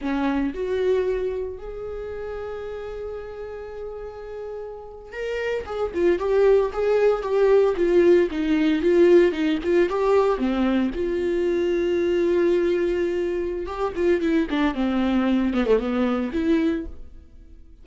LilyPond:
\new Staff \with { instrumentName = "viola" } { \time 4/4 \tempo 4 = 114 cis'4 fis'2 gis'4~ | gis'1~ | gis'4.~ gis'16 ais'4 gis'8 f'8 g'16~ | g'8. gis'4 g'4 f'4 dis'16~ |
dis'8. f'4 dis'8 f'8 g'4 c'16~ | c'8. f'2.~ f'16~ | f'2 g'8 f'8 e'8 d'8 | c'4. b16 a16 b4 e'4 | }